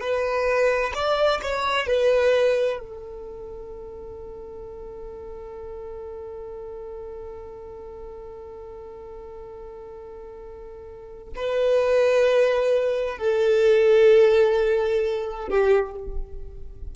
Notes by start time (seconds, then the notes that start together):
0.00 B4
0.94 D5
1.42 C#5
1.87 B4
2.79 A4
11.35 B4
13.17 A4
15.49 G4